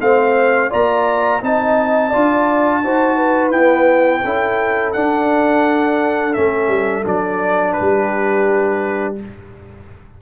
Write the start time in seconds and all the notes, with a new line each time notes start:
0.00 A3 C4 C5 F5
0.70 A#3 F4 D5 A#5
1.41 C4 D#4 D#5 A5
2.10 D4 F4 D5
2.84 D#4 F#4 C5
3.17 B4
3.51 B3 E4 G5
4.24 C#4 E4 A4
4.93 D4 F#5
6.34 A3 C#4 E5
6.68 G3
7.05 F#3 D4 D5
7.73 B4
7.79 G3 G4